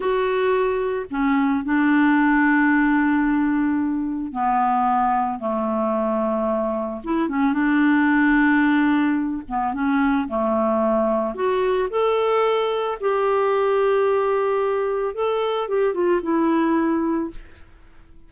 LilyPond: \new Staff \with { instrumentName = "clarinet" } { \time 4/4 \tempo 4 = 111 fis'2 cis'4 d'4~ | d'1 | b2 a2~ | a4 e'8 cis'8 d'2~ |
d'4. b8 cis'4 a4~ | a4 fis'4 a'2 | g'1 | a'4 g'8 f'8 e'2 | }